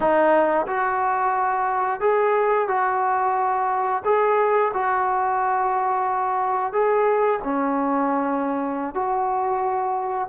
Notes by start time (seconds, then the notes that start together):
0.00 D#4
0.66 F#4
2.00 G#4
2.68 F#4
4.04 G#4
4.73 F#4
6.72 G#4
7.43 C#4
8.94 F#4